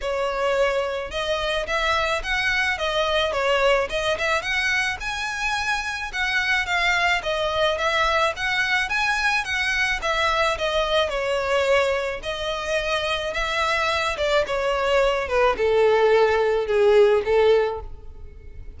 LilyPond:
\new Staff \with { instrumentName = "violin" } { \time 4/4 \tempo 4 = 108 cis''2 dis''4 e''4 | fis''4 dis''4 cis''4 dis''8 e''8 | fis''4 gis''2 fis''4 | f''4 dis''4 e''4 fis''4 |
gis''4 fis''4 e''4 dis''4 | cis''2 dis''2 | e''4. d''8 cis''4. b'8 | a'2 gis'4 a'4 | }